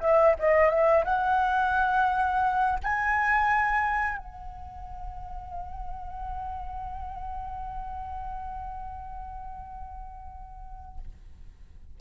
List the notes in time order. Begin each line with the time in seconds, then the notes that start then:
0.00 E5
0.39 D#5
0.69 E5
1.04 F#5
2.83 G#5
4.18 F#5